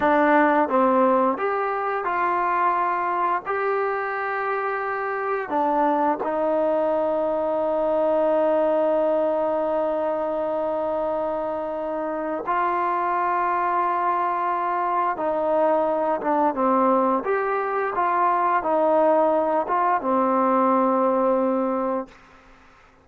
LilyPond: \new Staff \with { instrumentName = "trombone" } { \time 4/4 \tempo 4 = 87 d'4 c'4 g'4 f'4~ | f'4 g'2. | d'4 dis'2.~ | dis'1~ |
dis'2 f'2~ | f'2 dis'4. d'8 | c'4 g'4 f'4 dis'4~ | dis'8 f'8 c'2. | }